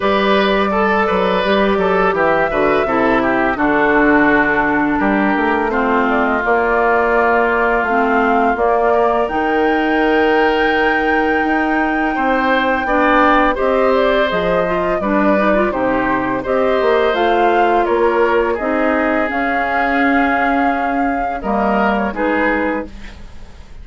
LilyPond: <<
  \new Staff \with { instrumentName = "flute" } { \time 4/4 \tempo 4 = 84 d''2. e''4~ | e''4 a'2 ais'4 | c''8 d''16 dis''16 d''2 f''4 | d''4 g''2.~ |
g''2. dis''8 d''8 | dis''4 d''4 c''4 dis''4 | f''4 cis''4 dis''4 f''4~ | f''2 dis''8. cis''16 b'4 | }
  \new Staff \with { instrumentName = "oboe" } { \time 4/4 b'4 a'8 b'4 a'8 g'8 b'8 | a'8 g'8 fis'2 g'4 | f'1~ | f'8 ais'2.~ ais'8~ |
ais'4 c''4 d''4 c''4~ | c''4 b'4 g'4 c''4~ | c''4 ais'4 gis'2~ | gis'2 ais'4 gis'4 | }
  \new Staff \with { instrumentName = "clarinet" } { \time 4/4 g'4 a'4 g'4. fis'8 | e'4 d'2. | c'4 ais2 c'4 | ais4 dis'2.~ |
dis'2 d'4 g'4 | gis'8 f'8 d'8 dis'16 f'16 dis'4 g'4 | f'2 dis'4 cis'4~ | cis'2 ais4 dis'4 | }
  \new Staff \with { instrumentName = "bassoon" } { \time 4/4 g4. fis8 g8 fis8 e8 d8 | c4 d2 g8 a8~ | a4 ais2 a4 | ais4 dis2. |
dis'4 c'4 b4 c'4 | f4 g4 c4 c'8 ais8 | a4 ais4 c'4 cis'4~ | cis'2 g4 gis4 | }
>>